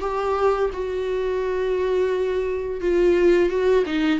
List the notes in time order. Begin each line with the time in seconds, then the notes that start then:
0.00 G4
0.73 F#4
2.81 F4
3.49 F#4
3.86 D#4